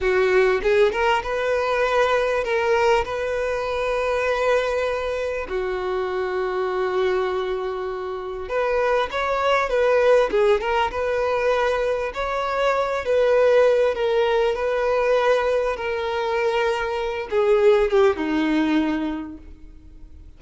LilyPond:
\new Staff \with { instrumentName = "violin" } { \time 4/4 \tempo 4 = 99 fis'4 gis'8 ais'8 b'2 | ais'4 b'2.~ | b'4 fis'2.~ | fis'2 b'4 cis''4 |
b'4 gis'8 ais'8 b'2 | cis''4. b'4. ais'4 | b'2 ais'2~ | ais'8 gis'4 g'8 dis'2 | }